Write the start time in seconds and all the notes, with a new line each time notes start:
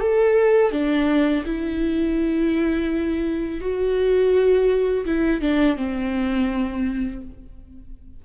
0.00 A4
0.71 D4
1.45 E4
3.60 F#4
5.05 E4
5.41 D4
5.76 C4